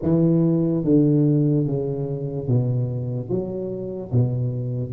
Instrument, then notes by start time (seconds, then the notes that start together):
tuba
0.02 E3
0.84 D3
1.66 C#3
2.47 B2
3.29 F#3
4.11 B2